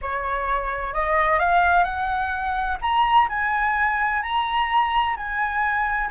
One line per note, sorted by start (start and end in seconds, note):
0.01 0.93 C#5
0.93 1.39 D#5
1.39 1.84 F5
1.84 2.78 F#5
2.81 3.28 A#5
3.28 4.22 G#5
4.22 5.16 A#5
5.16 6.10 G#5